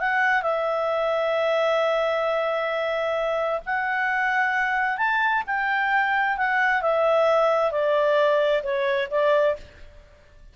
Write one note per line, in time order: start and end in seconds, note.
0.00 0.43 F#5
0.43 3.61 E5
3.66 4.98 F#5
4.98 5.43 A5
5.47 6.38 G5
6.38 6.82 F#5
6.82 7.72 E5
7.72 8.63 D5
8.63 9.09 C#5
9.11 9.57 D5